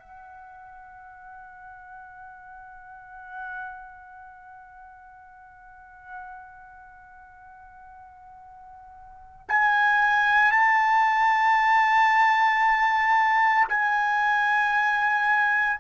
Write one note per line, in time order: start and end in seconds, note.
0.00 9.47 F#5
9.49 10.52 G#5
10.52 13.68 A5
13.69 15.79 G#5